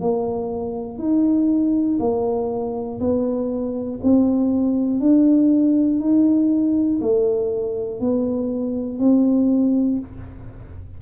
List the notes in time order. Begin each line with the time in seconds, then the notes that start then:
0.00 A#3
0.98 D#4
2.00 A#3
3.00 B3
4.03 C4
5.00 D4
6.00 D#4
7.01 A3
8.00 B3
8.99 C4